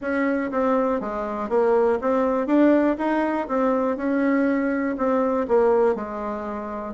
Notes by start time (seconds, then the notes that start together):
0.01 C#4
0.51 C4
1.00 G#3
1.49 A#3
2.01 C4
2.46 D4
2.98 D#4
3.47 C4
3.96 C#4
4.97 C4
5.47 A#3
5.95 G#3